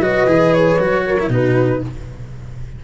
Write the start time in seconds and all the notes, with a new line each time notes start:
0.00 F#3 F#4 B4 D#5
0.26 E3 G#4
0.54 C#5
0.79 F#3 F#4
1.07 A#4
1.20 E4
1.29 B2 D#4 F#4 B4